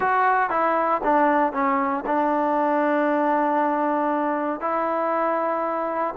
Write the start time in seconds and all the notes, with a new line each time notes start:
0.00 F#4
0.50 E4
1.03 D4
1.52 C#4
2.06 D4
4.60 E4